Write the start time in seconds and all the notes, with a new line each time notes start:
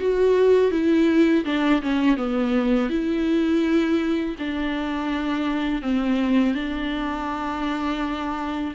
0.00 F#4
0.72 E4
1.45 D4
1.82 C#4
2.17 B3
2.90 E4
4.39 D4
5.82 C4
6.55 D4